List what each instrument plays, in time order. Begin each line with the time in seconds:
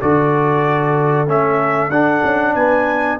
0.00 tuba D3, trombone F#4, horn A4, trumpet D5
1.27 tuba A3, trombone C#4, trumpet E5
1.90 tuba D4, trombone D4, trumpet F#5
2.23 tuba C#4
2.54 tuba B3, horn B4, trumpet G#5